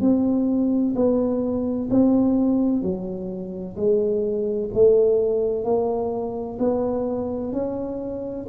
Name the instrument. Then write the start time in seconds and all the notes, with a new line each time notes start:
tuba
0.00 C4
0.95 B3
1.90 C4
2.82 F#3
3.76 G#3
4.73 A3
5.64 A#3
6.59 B3
7.52 C#4